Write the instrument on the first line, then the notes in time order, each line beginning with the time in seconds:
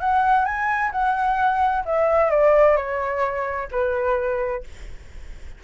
flute
0.00 F#5
0.45 G#5
0.92 F#5
1.85 E5
2.31 D5
2.77 C#5
3.71 B4